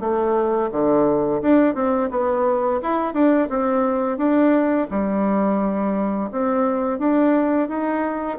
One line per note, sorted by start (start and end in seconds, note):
0.00 0.70 A3
0.72 1.41 D3
1.42 1.75 D4
1.75 2.10 C4
2.11 2.80 B3
2.82 3.14 E4
3.14 3.49 D4
3.49 4.18 C4
4.18 4.87 D4
4.91 6.30 G3
6.32 6.99 C4
6.99 7.68 D4
7.68 8.38 D#4